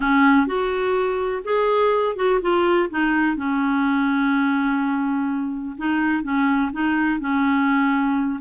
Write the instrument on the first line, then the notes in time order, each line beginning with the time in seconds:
clarinet
0.00 C#4
0.46 F#4
1.44 G#4
2.16 F#4
2.41 F4
2.90 D#4
3.36 C#4
5.77 D#4
6.23 C#4
6.72 D#4
7.20 C#4